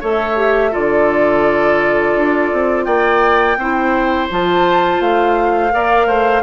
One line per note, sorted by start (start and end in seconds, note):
0.00 0.74 A3
0.00 0.36 A4
0.00 0.71 C#5
0.00 0.74 E5
0.36 0.71 G4
0.71 2.15 D3
0.71 3.57 F4
0.71 2.85 A4
0.71 2.85 D5
2.15 2.51 D4
2.53 2.86 C4
2.85 3.57 A#3
2.85 3.57 D5
2.85 4.27 G5
3.57 4.28 C4
3.57 4.30 E4
3.57 5.73 C5
4.30 5.00 F3
4.30 5.70 F4
4.30 5.01 A5
5.00 5.71 A3
5.00 6.43 F5
5.70 6.06 A#3
5.70 6.42 A#4
5.70 6.07 D5
6.06 6.42 A3
6.06 6.43 C5